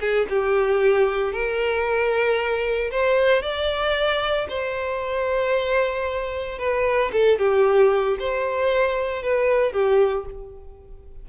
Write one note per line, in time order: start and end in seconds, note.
0.00 0.26 G#4
0.29 1.32 G4
1.32 2.90 A#4
2.91 3.42 C5
3.42 4.47 D5
4.49 6.58 C5
6.58 7.11 B4
7.12 7.38 A4
7.38 8.17 G4
8.19 9.22 C5
9.22 9.72 B4
9.72 10.25 G4